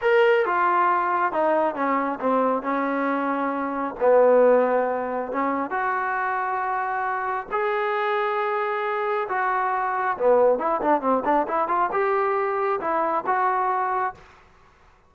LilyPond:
\new Staff \with { instrumentName = "trombone" } { \time 4/4 \tempo 4 = 136 ais'4 f'2 dis'4 | cis'4 c'4 cis'2~ | cis'4 b2. | cis'4 fis'2.~ |
fis'4 gis'2.~ | gis'4 fis'2 b4 | e'8 d'8 c'8 d'8 e'8 f'8 g'4~ | g'4 e'4 fis'2 | }